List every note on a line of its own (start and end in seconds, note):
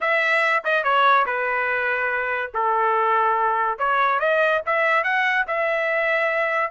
0.00 0.63 E5
0.64 0.83 D#5
0.83 1.25 C#5
1.26 2.52 B4
2.53 3.78 A4
3.78 4.19 C#5
4.19 4.61 D#5
4.66 5.03 E5
5.03 5.45 F#5
5.47 6.71 E5